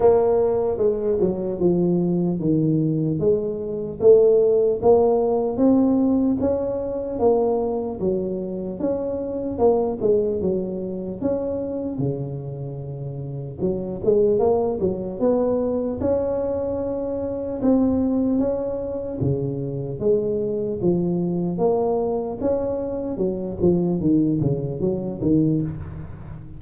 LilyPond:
\new Staff \with { instrumentName = "tuba" } { \time 4/4 \tempo 4 = 75 ais4 gis8 fis8 f4 dis4 | gis4 a4 ais4 c'4 | cis'4 ais4 fis4 cis'4 | ais8 gis8 fis4 cis'4 cis4~ |
cis4 fis8 gis8 ais8 fis8 b4 | cis'2 c'4 cis'4 | cis4 gis4 f4 ais4 | cis'4 fis8 f8 dis8 cis8 fis8 dis8 | }